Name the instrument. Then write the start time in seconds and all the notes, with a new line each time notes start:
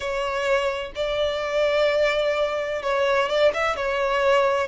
violin
0.00 C#5
0.95 D5
2.82 C#5
3.28 D5
3.53 E5
3.75 C#5